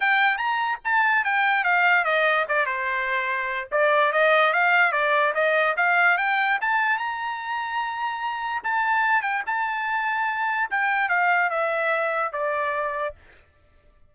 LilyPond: \new Staff \with { instrumentName = "trumpet" } { \time 4/4 \tempo 4 = 146 g''4 ais''4 a''4 g''4 | f''4 dis''4 d''8 c''4.~ | c''4 d''4 dis''4 f''4 | d''4 dis''4 f''4 g''4 |
a''4 ais''2.~ | ais''4 a''4. g''8 a''4~ | a''2 g''4 f''4 | e''2 d''2 | }